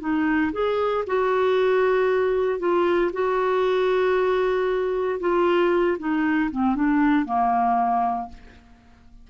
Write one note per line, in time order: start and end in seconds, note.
0.00 0.52 D#4
0.53 1.04 G#4
1.07 2.59 F#4
2.59 3.11 F4
3.13 5.20 F#4
5.20 5.98 F4
5.99 6.51 D#4
6.51 6.75 C4
6.75 7.25 D4
7.25 8.29 A#3